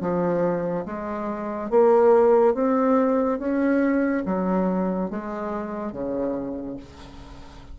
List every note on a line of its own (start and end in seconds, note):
0.00 0.85 F3
0.85 1.70 G#3
1.70 2.54 A#3
2.54 3.38 C4
3.38 4.23 C#4
4.25 5.10 F#3
5.10 5.92 G#3
5.92 6.76 C#3